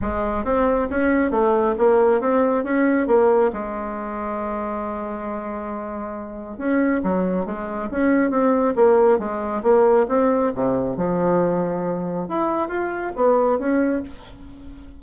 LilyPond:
\new Staff \with { instrumentName = "bassoon" } { \time 4/4 \tempo 4 = 137 gis4 c'4 cis'4 a4 | ais4 c'4 cis'4 ais4 | gis1~ | gis2. cis'4 |
fis4 gis4 cis'4 c'4 | ais4 gis4 ais4 c'4 | c4 f2. | e'4 f'4 b4 cis'4 | }